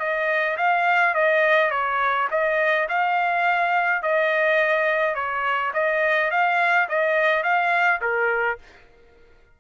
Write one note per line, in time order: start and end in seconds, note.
0.00 0.57 D#5
0.58 1.15 F5
1.15 1.71 D#5
1.71 2.29 C#5
2.31 2.88 D#5
2.89 4.03 F5
4.03 5.15 D#5
5.15 5.72 C#5
5.74 6.31 D#5
6.31 6.89 F5
6.90 7.44 D#5
7.44 8.01 F5
8.02 8.59 A#4